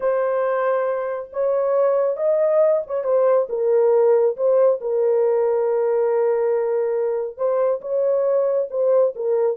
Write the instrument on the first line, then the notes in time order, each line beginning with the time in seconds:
horn
0.00 C5
1.32 C#5
2.16 D#5
2.87 C#5
3.04 C5
3.49 A#4
4.36 C5
4.80 A#4
7.37 C5
7.81 C#5
8.70 C5
9.15 A#4